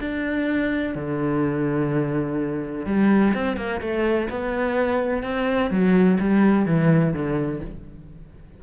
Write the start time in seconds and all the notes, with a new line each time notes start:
0.00 D4
0.95 D3
2.85 G3
3.34 C4
3.56 A#3
3.81 A3
4.29 B3
5.23 C4
5.70 F#3
6.19 G3
6.65 E3
7.13 D3